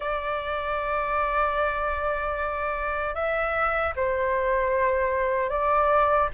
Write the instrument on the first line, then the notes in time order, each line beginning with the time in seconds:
flute
0.00 D5
3.14 E5
3.96 C5
5.49 D5